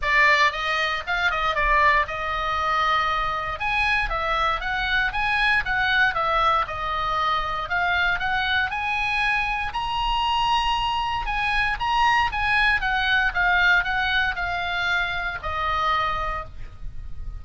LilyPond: \new Staff \with { instrumentName = "oboe" } { \time 4/4 \tempo 4 = 117 d''4 dis''4 f''8 dis''8 d''4 | dis''2. gis''4 | e''4 fis''4 gis''4 fis''4 | e''4 dis''2 f''4 |
fis''4 gis''2 ais''4~ | ais''2 gis''4 ais''4 | gis''4 fis''4 f''4 fis''4 | f''2 dis''2 | }